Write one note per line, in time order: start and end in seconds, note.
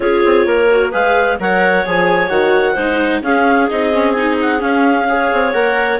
0.00 0.22 C#4
0.00 0.67 F4
0.00 0.46 G#4
0.00 0.91 C#5
0.25 0.46 C4
0.46 0.92 A#3
0.46 0.91 A#4
0.70 0.92 F#4
0.91 1.39 G#3
0.91 1.38 G#4
0.91 1.37 B4
0.91 1.39 F5
1.39 1.85 F#3
1.39 1.84 A#4
1.39 2.73 C#5
1.39 1.86 F#5
1.84 2.29 F3
1.84 2.29 G#4
1.84 2.29 G#5
2.29 2.75 D#3
2.29 2.75 F#4
2.29 3.21 F#5
2.73 3.21 G#3
2.73 3.22 D#4
2.73 3.20 C5
3.21 3.67 C#4
3.21 3.68 C#4
3.21 5.08 G#4
3.21 3.69 F5
3.69 4.62 C4
3.69 3.92 D#4
3.69 4.12 D#5
3.92 4.15 C#4
4.12 4.59 D#4
4.12 4.35 G#5
4.41 4.61 F#5
4.59 5.05 C#4
4.59 5.31 C#4
4.59 5.52 F5
5.08 5.53 G#4
5.08 6.00 C#5
5.32 5.54 C4
5.52 6.00 A#3
5.52 6.00 A#4
5.52 5.98 F#5